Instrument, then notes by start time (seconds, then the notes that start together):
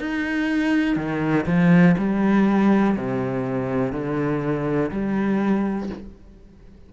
cello
0.00 D#4
0.97 D#3
1.46 F3
1.98 G3
2.97 C3
3.93 D3
4.91 G3